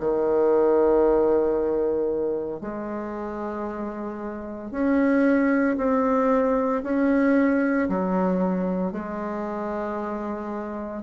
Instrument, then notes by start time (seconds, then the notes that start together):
bassoon
0.00 D#3
2.61 G#3
4.71 C#4
5.78 C4
6.83 C#4
7.89 F#3
8.92 G#3